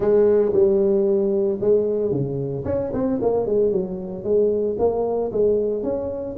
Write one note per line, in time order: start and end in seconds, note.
0.00 0.52 G#3
0.52 1.59 G3
1.60 2.11 G#3
2.11 2.64 C#3
2.65 2.91 C#4
2.93 3.19 C4
3.21 3.46 A#3
3.46 3.71 G#3
3.71 4.23 F#3
4.23 4.76 G#3
4.78 5.31 A#3
5.32 5.83 G#3
5.83 6.36 C#4